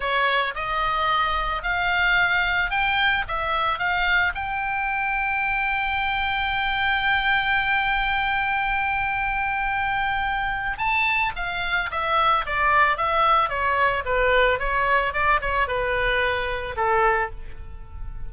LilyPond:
\new Staff \with { instrumentName = "oboe" } { \time 4/4 \tempo 4 = 111 cis''4 dis''2 f''4~ | f''4 g''4 e''4 f''4 | g''1~ | g''1~ |
g''1 | a''4 f''4 e''4 d''4 | e''4 cis''4 b'4 cis''4 | d''8 cis''8 b'2 a'4 | }